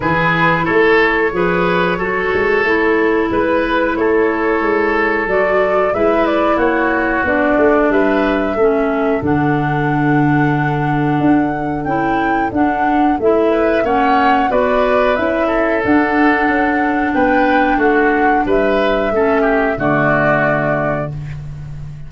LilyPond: <<
  \new Staff \with { instrumentName = "flute" } { \time 4/4 \tempo 4 = 91 b'4 cis''2.~ | cis''4 b'4 cis''2 | d''4 e''8 d''8 cis''4 d''4 | e''2 fis''2~ |
fis''2 g''4 fis''4 | e''4 fis''4 d''4 e''4 | fis''2 g''4 fis''4 | e''2 d''2 | }
  \new Staff \with { instrumentName = "oboe" } { \time 4/4 gis'4 a'4 b'4 a'4~ | a'4 b'4 a'2~ | a'4 b'4 fis'2 | b'4 a'2.~ |
a'1~ | a'8 b'8 cis''4 b'4. a'8~ | a'2 b'4 fis'4 | b'4 a'8 g'8 fis'2 | }
  \new Staff \with { instrumentName = "clarinet" } { \time 4/4 e'2 gis'4 fis'4 | e'1 | fis'4 e'2 d'4~ | d'4 cis'4 d'2~ |
d'2 e'4 d'4 | e'4 cis'4 fis'4 e'4 | d'1~ | d'4 cis'4 a2 | }
  \new Staff \with { instrumentName = "tuba" } { \time 4/4 e4 a4 f4 fis8 gis8 | a4 gis4 a4 gis4 | fis4 gis4 ais4 b8 a8 | g4 a4 d2~ |
d4 d'4 cis'4 d'4 | a4 ais4 b4 cis'4 | d'4 cis'4 b4 a4 | g4 a4 d2 | }
>>